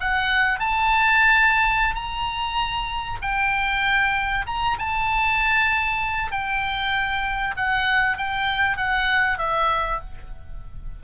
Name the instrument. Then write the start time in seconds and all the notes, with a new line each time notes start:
oboe
0.00 F#5
0.59 A5
1.95 A#5
3.22 G5
4.46 A#5
4.79 A5
6.31 G5
7.57 F#5
8.17 G5
8.77 F#5
9.38 E5